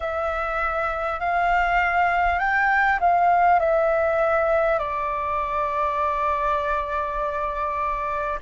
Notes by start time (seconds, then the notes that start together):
0.00 E5
1.19 F5
2.39 G5
3.00 F5
3.59 E5
4.78 D5